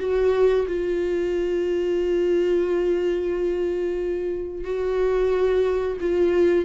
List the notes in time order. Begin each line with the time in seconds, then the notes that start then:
0.00 F#4
0.68 F4
4.65 F#4
6.01 F4